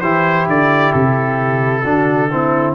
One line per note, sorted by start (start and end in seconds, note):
0.00 0.47 E3
0.00 1.84 E4
0.00 1.82 G4
0.00 0.46 C5
0.47 0.93 D3
0.47 0.92 D5
0.92 1.84 C3
0.92 2.74 A4
1.83 2.74 D3
1.83 2.30 D4
1.83 2.28 F#4
2.31 2.74 C4
2.31 2.74 E4